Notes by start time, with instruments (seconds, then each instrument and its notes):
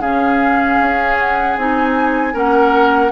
0.00 bassoon C#3, clarinet C#4, oboe G#4, flute F5
0.80 bassoon C#4
1.19 flute F#5
1.57 bassoon C4, clarinet D#4, flute G#5
2.33 bassoon A#3, clarinet C#4, oboe A#4, flute F#5